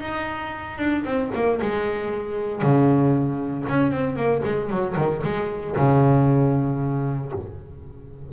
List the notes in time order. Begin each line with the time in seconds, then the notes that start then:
0.00 D#4
0.78 D4
1.05 C4
1.34 A#3
1.62 G#3
2.62 C#3
3.68 C#4
3.91 C4
4.16 A#3
4.44 G#3
4.69 F#3
4.96 D#3
5.23 G#3
5.76 C#3